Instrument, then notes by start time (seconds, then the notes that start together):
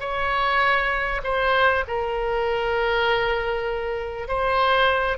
oboe
0.00 C#5
1.23 C5
1.88 A#4
4.28 C5